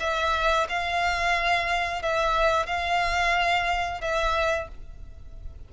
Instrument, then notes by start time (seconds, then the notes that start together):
violin
0.00 E5
0.69 F5
2.02 E5
2.67 F5
4.01 E5